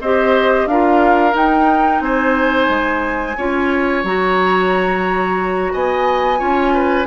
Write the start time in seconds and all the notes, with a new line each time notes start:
0.00 C4 G4 C5 D#5
0.66 D4 F4 A#4 F5
1.31 D#4 G5
2.00 C4 C5 G#5
2.68 G#3
3.37 C#4 F4 C#5
4.03 F#3 F#4 A#5
5.72 B3 D#5 G#5
6.38 C#4 F4 C#5
6.73 B4